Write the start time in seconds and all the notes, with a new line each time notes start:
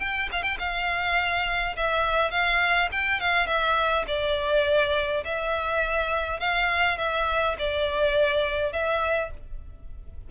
0.00 G5
0.32 F5
0.43 G5
0.59 F5
1.77 E5
2.31 F5
2.92 G5
3.20 F5
3.47 E5
4.07 D5
5.25 E5
6.40 F5
6.98 E5
7.58 D5
8.72 E5